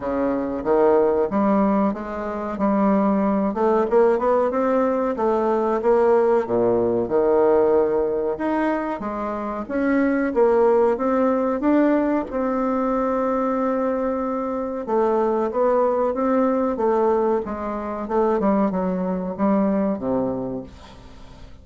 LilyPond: \new Staff \with { instrumentName = "bassoon" } { \time 4/4 \tempo 4 = 93 cis4 dis4 g4 gis4 | g4. a8 ais8 b8 c'4 | a4 ais4 ais,4 dis4~ | dis4 dis'4 gis4 cis'4 |
ais4 c'4 d'4 c'4~ | c'2. a4 | b4 c'4 a4 gis4 | a8 g8 fis4 g4 c4 | }